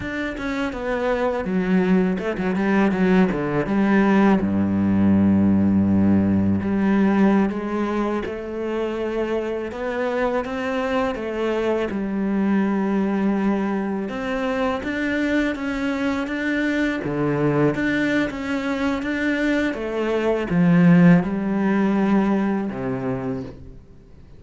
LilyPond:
\new Staff \with { instrumentName = "cello" } { \time 4/4 \tempo 4 = 82 d'8 cis'8 b4 fis4 a16 fis16 g8 | fis8 d8 g4 g,2~ | g,4 g4~ g16 gis4 a8.~ | a4~ a16 b4 c'4 a8.~ |
a16 g2. c'8.~ | c'16 d'4 cis'4 d'4 d8.~ | d16 d'8. cis'4 d'4 a4 | f4 g2 c4 | }